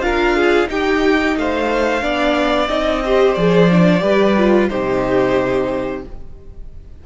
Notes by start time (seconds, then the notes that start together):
0.00 D4 F4 A#4 F5
0.36 G#4
0.67 D#4 G4 G5
1.36 A3 C5 F5
2.01 B3 D4 D5
2.68 C4 D#4 D#5
3.04 G4 C5
3.34 F3 G#4 D5
3.70 D4
4.00 G3 G4 B4
4.37 F4
4.68 C3 D#4 G4 C5